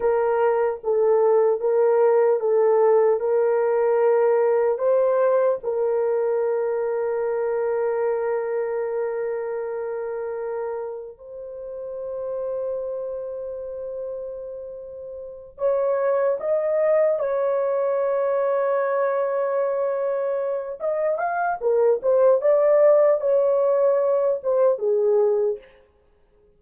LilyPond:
\new Staff \with { instrumentName = "horn" } { \time 4/4 \tempo 4 = 75 ais'4 a'4 ais'4 a'4 | ais'2 c''4 ais'4~ | ais'1~ | ais'2 c''2~ |
c''2.~ c''8 cis''8~ | cis''8 dis''4 cis''2~ cis''8~ | cis''2 dis''8 f''8 ais'8 c''8 | d''4 cis''4. c''8 gis'4 | }